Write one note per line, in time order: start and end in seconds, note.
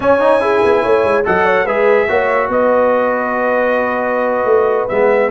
0.00 0.61 C#4
0.00 0.20 C#4
0.00 0.42 C#5
0.00 1.24 G#5
0.20 0.40 D#4
0.40 1.24 E4
0.40 0.81 G#4
0.64 0.84 B3
0.81 1.04 A3
0.81 1.23 C#5
1.04 1.25 G#3
1.24 1.64 F#3
1.24 1.66 A4
1.24 1.45 D#5
1.24 1.66 F#5
1.45 1.65 C#5
1.64 2.06 G#3
1.64 2.08 G#4
1.64 2.06 B4
1.64 2.49 E5
2.08 2.48 A#3
2.08 4.89 F#4
2.08 2.50 C#5
2.48 4.44 B3
2.48 5.31 B4
2.48 4.88 D#5
4.44 4.86 A3
4.88 5.31 G#3
4.88 5.31 B3
4.88 5.30 E5